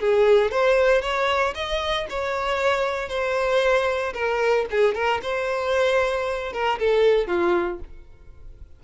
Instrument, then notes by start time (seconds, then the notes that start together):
violin
0.00 G#4
0.51 C5
1.02 C#5
1.55 D#5
2.10 C#5
3.09 C5
4.14 A#4
4.71 G#4
4.95 A#4
5.23 C5
6.53 A#4
6.79 A4
7.27 F4